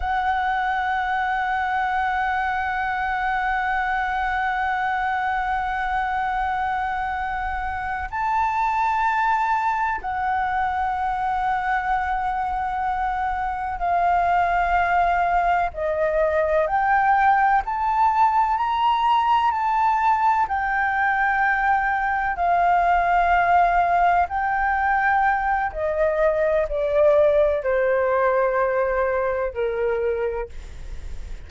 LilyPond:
\new Staff \with { instrumentName = "flute" } { \time 4/4 \tempo 4 = 63 fis''1~ | fis''1~ | fis''8 a''2 fis''4.~ | fis''2~ fis''8 f''4.~ |
f''8 dis''4 g''4 a''4 ais''8~ | ais''8 a''4 g''2 f''8~ | f''4. g''4. dis''4 | d''4 c''2 ais'4 | }